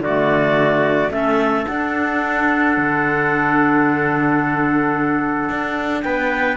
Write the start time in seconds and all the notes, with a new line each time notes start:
0.00 D3 A3 F#4 D5
1.11 A3 C#4 A4 E5
1.65 D4 F#5
2.77 D3
5.49 D4
6.02 B3 B4 G5